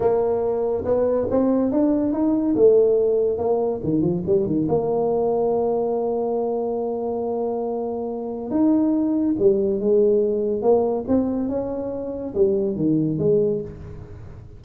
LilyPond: \new Staff \with { instrumentName = "tuba" } { \time 4/4 \tempo 4 = 141 ais2 b4 c'4 | d'4 dis'4 a2 | ais4 dis8 f8 g8 dis8 ais4~ | ais1~ |
ais1 | dis'2 g4 gis4~ | gis4 ais4 c'4 cis'4~ | cis'4 g4 dis4 gis4 | }